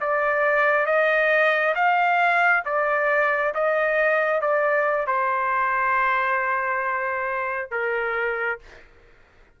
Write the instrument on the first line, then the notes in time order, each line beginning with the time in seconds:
trumpet
0.00 D5
0.85 D#5
1.75 F5
2.65 D5
3.54 D#5
4.41 D5
5.07 C5
7.70 A#4